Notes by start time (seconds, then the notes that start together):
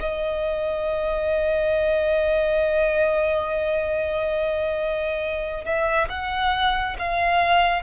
0.00 D#5
5.65 E5
6.09 F#5
6.99 F5